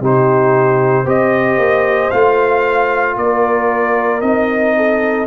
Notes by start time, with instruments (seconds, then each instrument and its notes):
0.00 tuba C3, trombone D#4, horn G4, trumpet C5
1.04 tuba C4, trombone G4, horn C5, trumpet D#5
1.58 tuba A#3
2.11 tuba A3, trombone F4, trumpet F5
3.16 tuba A#3, horn A#4, trumpet D5
4.21 tuba C4, trombone D#4, trumpet D#5
4.77 horn A4